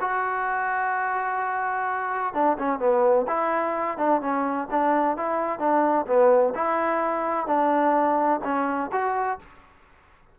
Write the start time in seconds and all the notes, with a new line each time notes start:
0.00 F#4
2.34 D4
2.58 C#4
2.79 B3
3.27 E4
3.97 D4
4.21 C#4
4.70 D4
5.16 E4
5.59 D4
6.07 B3
6.54 E4
7.46 D4
8.44 C#4
8.91 F#4